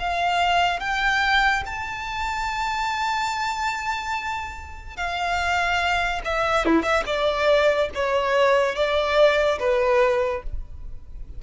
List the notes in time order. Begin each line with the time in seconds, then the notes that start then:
0.00 F5
0.80 G5
1.66 A5
4.97 F5
6.25 E5
6.66 E4
6.83 E5
7.06 D5
7.95 C#5
8.76 D5
9.60 B4